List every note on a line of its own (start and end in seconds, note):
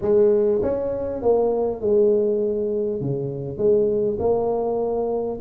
0.01 0.61 G#3
0.62 1.22 C#4
1.22 1.80 A#3
1.80 3.00 G#3
3.01 3.57 C#3
3.57 4.17 G#3
4.19 5.39 A#3